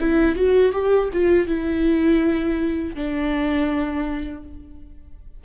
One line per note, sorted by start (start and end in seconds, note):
0.00 0.36 E4
0.36 0.72 F#4
0.72 1.09 G4
1.13 1.47 F4
1.47 2.95 E4
2.95 4.43 D4